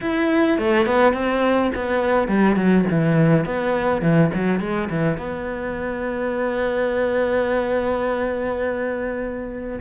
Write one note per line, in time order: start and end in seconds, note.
0.00 0.57 E4
0.57 0.85 A3
0.85 1.13 B3
1.13 1.71 C4
1.75 2.28 B3
2.28 2.56 G3
2.56 2.85 F#3
2.90 3.45 E3
3.45 4.01 B3
4.01 4.30 E3
4.33 4.60 F#3
4.60 4.89 G#3
4.90 5.17 E3
5.17 9.79 B3